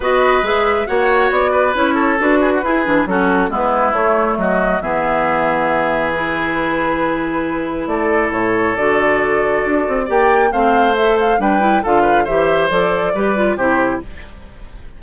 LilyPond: <<
  \new Staff \with { instrumentName = "flute" } { \time 4/4 \tempo 4 = 137 dis''4 e''4 fis''4 d''4 | cis''4 b'2 a'4 | b'4 cis''4 dis''4 e''4~ | e''2 b'2~ |
b'2 d''4 cis''4 | d''2. g''4 | f''4 e''8 f''8 g''4 f''4 | e''4 d''2 c''4 | }
  \new Staff \with { instrumentName = "oboe" } { \time 4/4 b'2 cis''4. b'8~ | b'8 a'4 gis'16 fis'16 gis'4 fis'4 | e'2 fis'4 gis'4~ | gis'1~ |
gis'2 a'2~ | a'2. d''4 | c''2 b'4 a'8 b'8 | c''2 b'4 g'4 | }
  \new Staff \with { instrumentName = "clarinet" } { \time 4/4 fis'4 gis'4 fis'2 | e'4 fis'4 e'8 d'8 cis'4 | b4 a2 b4~ | b2 e'2~ |
e'1 | fis'2. g'4 | c'4 a'4 d'8 e'8 f'4 | g'4 a'4 g'8 f'8 e'4 | }
  \new Staff \with { instrumentName = "bassoon" } { \time 4/4 b4 gis4 ais4 b4 | cis'4 d'4 e'8 e8 fis4 | gis4 a4 fis4 e4~ | e1~ |
e2 a4 a,4 | d2 d'8 c'8 ais4 | a2 g4 d4 | e4 f4 g4 c4 | }
>>